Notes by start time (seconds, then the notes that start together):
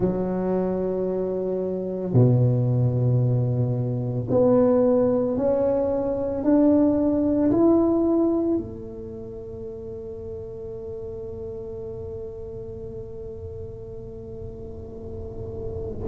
0.00 F#3
2.13 B2
4.30 B3
5.37 C#4
6.43 D4
7.50 E4
8.57 A3